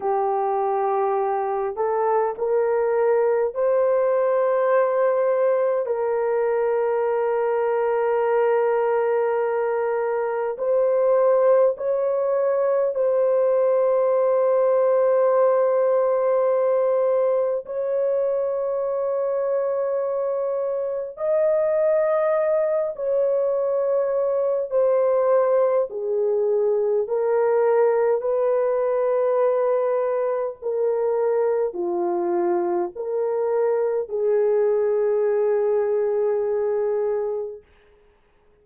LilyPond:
\new Staff \with { instrumentName = "horn" } { \time 4/4 \tempo 4 = 51 g'4. a'8 ais'4 c''4~ | c''4 ais'2.~ | ais'4 c''4 cis''4 c''4~ | c''2. cis''4~ |
cis''2 dis''4. cis''8~ | cis''4 c''4 gis'4 ais'4 | b'2 ais'4 f'4 | ais'4 gis'2. | }